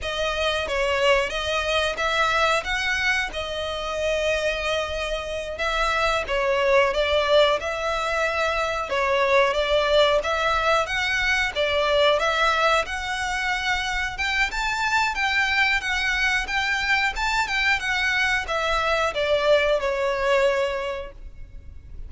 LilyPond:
\new Staff \with { instrumentName = "violin" } { \time 4/4 \tempo 4 = 91 dis''4 cis''4 dis''4 e''4 | fis''4 dis''2.~ | dis''8 e''4 cis''4 d''4 e''8~ | e''4. cis''4 d''4 e''8~ |
e''8 fis''4 d''4 e''4 fis''8~ | fis''4. g''8 a''4 g''4 | fis''4 g''4 a''8 g''8 fis''4 | e''4 d''4 cis''2 | }